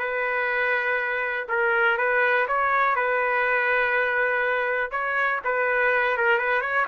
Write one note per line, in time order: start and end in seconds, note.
0.00 1.48 B4
1.49 1.98 A#4
1.98 2.47 B4
2.48 2.96 C#5
2.96 4.92 B4
4.92 5.41 C#5
5.45 6.18 B4
6.18 6.39 A#4
6.39 6.62 B4
6.62 6.86 C#5